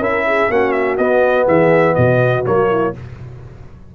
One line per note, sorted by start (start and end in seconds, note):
0.00 0.49 C#4
0.00 0.50 E4
0.00 0.25 A#4
0.00 0.52 E5
0.27 0.51 G#4
0.50 0.99 A#3
0.50 0.99 C#4
0.50 1.47 F#4
0.50 0.72 F#5
0.72 0.96 E5
0.98 1.48 B3
0.98 2.45 B3
0.98 1.47 D#5
1.47 1.97 E3
1.47 1.96 G#4
1.47 1.96 E5
1.96 2.46 B2
1.96 2.70 F#4
1.96 2.44 D#5
2.45 2.96 F#3
2.45 2.94 A#3
2.45 2.95 C#5
2.71 2.95 E4